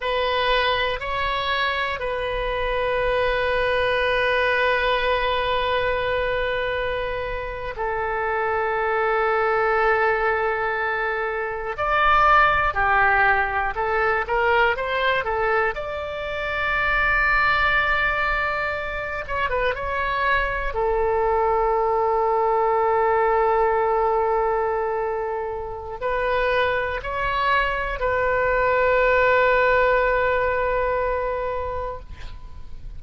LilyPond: \new Staff \with { instrumentName = "oboe" } { \time 4/4 \tempo 4 = 60 b'4 cis''4 b'2~ | b'2.~ b'8. a'16~ | a'2.~ a'8. d''16~ | d''8. g'4 a'8 ais'8 c''8 a'8 d''16~ |
d''2.~ d''16 cis''16 b'16 cis''16~ | cis''8. a'2.~ a'16~ | a'2 b'4 cis''4 | b'1 | }